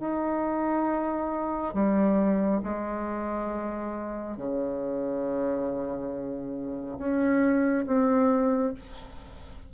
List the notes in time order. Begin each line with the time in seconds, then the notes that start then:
0.00 D#4
1.74 G3
2.64 G#3
4.37 C#3
6.98 C#4
7.87 C4